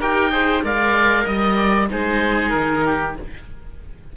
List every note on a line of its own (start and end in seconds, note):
0.00 0.63 D#4
0.00 0.32 G4
0.00 0.31 A#4
0.00 0.65 G5
0.32 0.63 G#4
0.32 0.64 C5
0.63 1.26 G#3
0.63 1.88 A#4
0.63 1.25 D5
0.63 1.28 F5
1.25 1.89 G3
1.25 1.87 D#5
1.25 1.57 D#5
1.57 1.88 D5
1.91 2.54 G#3
1.91 3.16 D#4
1.91 2.86 G#4
1.91 2.50 C5
2.50 3.17 D#3
2.50 3.12 A#4
2.86 3.17 G4